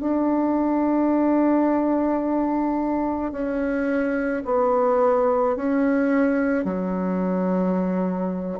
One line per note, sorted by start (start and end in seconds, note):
0.00 3.32 D4
3.32 4.43 C#4
4.45 5.56 B3
5.57 6.65 C#4
6.65 8.59 F#3